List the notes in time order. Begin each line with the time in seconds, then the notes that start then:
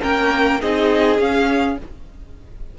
0.00 A#3 C#4 A#4 G5
0.60 C4 D#4 G#4 D#5
1.18 C#4 F5